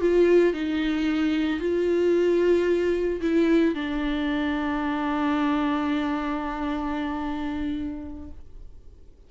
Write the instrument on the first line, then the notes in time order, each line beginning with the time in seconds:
viola
0.00 F4
0.53 D#4
1.59 F4
3.20 E4
3.74 D4